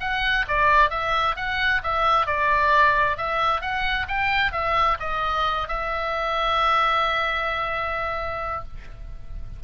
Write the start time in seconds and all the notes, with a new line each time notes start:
0.00 F#5
0.48 D5
0.90 E5
1.36 F#5
1.83 E5
2.26 D5
3.17 E5
3.61 F#5
4.08 G5
4.52 E5
5.00 D#5
5.68 E5